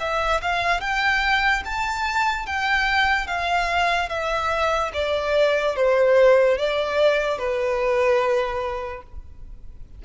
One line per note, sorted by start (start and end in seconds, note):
0.00 0.41 E5
0.42 0.81 F5
0.81 1.63 G5
1.65 2.46 A5
2.46 3.27 G5
3.27 4.09 F5
4.09 4.92 E5
4.94 5.76 D5
5.76 6.58 C5
6.58 7.38 D5
7.38 9.03 B4